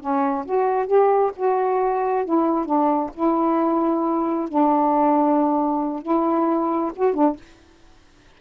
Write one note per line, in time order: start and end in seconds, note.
0.00 0.45 C#4
0.45 0.87 F#4
0.87 1.31 G4
1.36 2.25 F#4
2.25 2.66 E4
2.66 3.10 D4
3.14 4.49 E4
4.49 6.02 D4
6.02 6.92 E4
6.96 7.14 F#4
7.14 7.36 D4